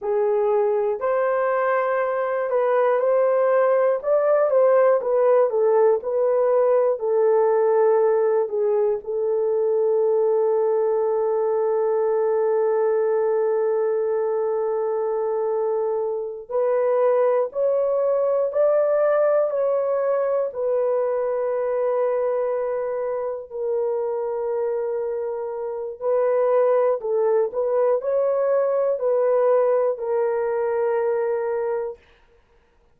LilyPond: \new Staff \with { instrumentName = "horn" } { \time 4/4 \tempo 4 = 60 gis'4 c''4. b'8 c''4 | d''8 c''8 b'8 a'8 b'4 a'4~ | a'8 gis'8 a'2.~ | a'1~ |
a'8 b'4 cis''4 d''4 cis''8~ | cis''8 b'2. ais'8~ | ais'2 b'4 a'8 b'8 | cis''4 b'4 ais'2 | }